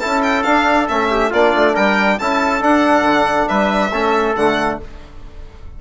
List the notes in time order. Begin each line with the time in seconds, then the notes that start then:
0.00 C#4 E4 A4 A5
0.23 G5
0.43 D4 F5
0.89 A3 C#4 E5
1.11 G4
1.30 A#3 D4 F4 D5
1.54 A3
1.75 G3 A#4 G5
2.19 C#4 E4 A4 A5
2.61 D4 F#5
3.03 D3
3.48 G3 B4 E5
3.92 A3 C#4 A4
4.36 D3 A3 F#5